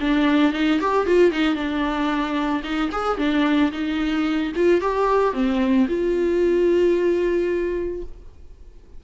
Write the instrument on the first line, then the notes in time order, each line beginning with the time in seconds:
viola
0.00 D4
0.53 D#4
0.81 G4
1.06 F4
1.32 D#4
1.55 D4
2.63 D#4
2.92 G#4
3.18 D4
3.72 D#4
4.56 F4
4.81 G4
5.33 C4
5.89 F4